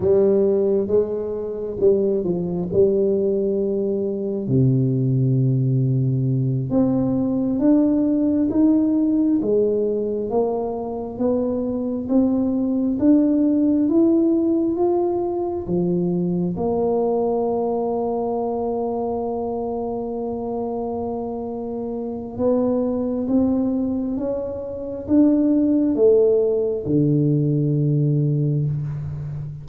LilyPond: \new Staff \with { instrumentName = "tuba" } { \time 4/4 \tempo 4 = 67 g4 gis4 g8 f8 g4~ | g4 c2~ c8 c'8~ | c'8 d'4 dis'4 gis4 ais8~ | ais8 b4 c'4 d'4 e'8~ |
e'8 f'4 f4 ais4.~ | ais1~ | ais4 b4 c'4 cis'4 | d'4 a4 d2 | }